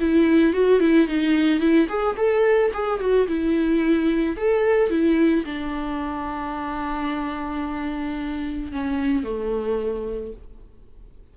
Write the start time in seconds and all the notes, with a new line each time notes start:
0.00 E4
0.53 F#4
0.80 E4
1.07 D#4
1.60 E4
1.89 G#4
2.16 A4
2.73 G#4
3.00 F#4
3.27 E4
4.37 A4
4.90 E4
5.45 D4
8.72 C#4
9.24 A3